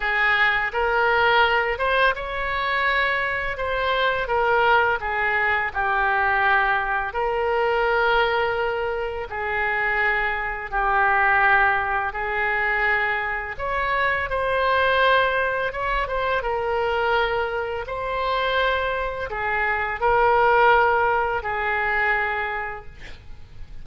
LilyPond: \new Staff \with { instrumentName = "oboe" } { \time 4/4 \tempo 4 = 84 gis'4 ais'4. c''8 cis''4~ | cis''4 c''4 ais'4 gis'4 | g'2 ais'2~ | ais'4 gis'2 g'4~ |
g'4 gis'2 cis''4 | c''2 cis''8 c''8 ais'4~ | ais'4 c''2 gis'4 | ais'2 gis'2 | }